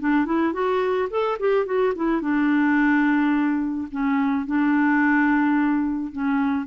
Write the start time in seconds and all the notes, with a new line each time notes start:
0.00 D4
0.26 E4
0.53 F#4
1.10 A4
1.40 G4
1.66 F#4
1.95 E4
2.21 D4
3.91 C#4
4.46 D4
6.13 C#4